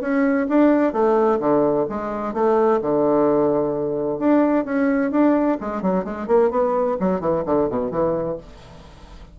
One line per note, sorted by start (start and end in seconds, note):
0.00 0.47 C#4
0.49 0.92 D4
0.92 1.39 A3
1.39 1.86 D3
1.89 2.33 G#3
2.33 2.80 A3
2.81 4.18 D3
4.18 4.65 D4
4.65 5.11 C#4
5.11 5.58 D4
5.60 5.82 G#3
5.82 6.04 F#3
6.04 6.27 G#3
6.27 6.50 A#3
6.50 6.97 B3
7.00 7.20 F#3
7.20 7.43 E3
7.45 7.69 D3
7.69 7.90 B2
7.90 8.37 E3